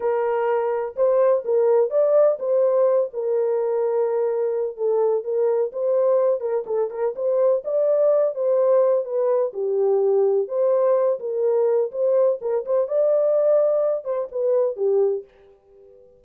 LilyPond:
\new Staff \with { instrumentName = "horn" } { \time 4/4 \tempo 4 = 126 ais'2 c''4 ais'4 | d''4 c''4. ais'4.~ | ais'2 a'4 ais'4 | c''4. ais'8 a'8 ais'8 c''4 |
d''4. c''4. b'4 | g'2 c''4. ais'8~ | ais'4 c''4 ais'8 c''8 d''4~ | d''4. c''8 b'4 g'4 | }